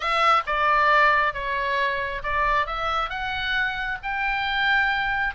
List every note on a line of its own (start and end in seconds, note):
0.00 0.42 E5
0.46 1.33 D5
1.33 2.22 C#5
2.23 2.66 D5
2.66 3.09 E5
3.09 3.98 F#5
4.02 5.35 G5